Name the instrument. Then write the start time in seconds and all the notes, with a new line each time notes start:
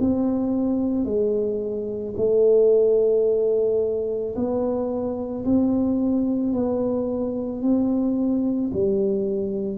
tuba
0.00 C4
1.05 G#3
2.17 A3
4.35 B3
5.45 C4
6.53 B3
7.62 C4
8.74 G3